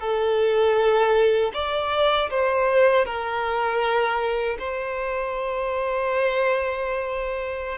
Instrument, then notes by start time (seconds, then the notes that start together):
violin
0.00 A4
1.54 D5
2.30 C5
3.05 A#4
4.59 C5